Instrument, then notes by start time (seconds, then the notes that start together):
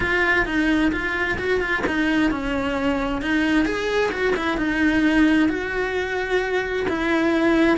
cello
0.00 F4
0.45 D#4
0.92 F4
1.38 F#4
1.60 F4
1.86 D#4
2.30 C#4
3.21 D#4
3.65 G#4
4.11 F#4
4.36 E4
4.57 D#4
5.48 F#4
6.88 E4